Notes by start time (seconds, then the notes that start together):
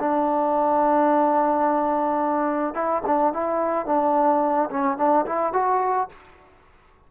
0.00 D4
2.75 E4
3.07 D4
3.33 E4
3.86 D4
4.71 C#4
4.98 D4
5.26 E4
5.54 F#4